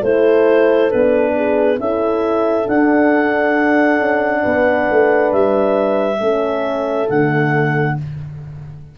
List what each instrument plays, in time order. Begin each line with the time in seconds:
0.00 tuba A3, horn E4 A4, clarinet C5
0.90 tuba B3, horn D4, clarinet B4
1.35 horn G#4
1.79 tuba C#4, horn E4 A4, clarinet E5
2.63 horn D4, tuba D4, clarinet F#5
3.99 tuba C#4
4.42 tuba B3, horn B4
4.90 tuba A3
5.32 tuba G3, clarinet E5
6.19 tuba A3, horn C#4 A4
7.08 tuba D3, horn A3, clarinet F#5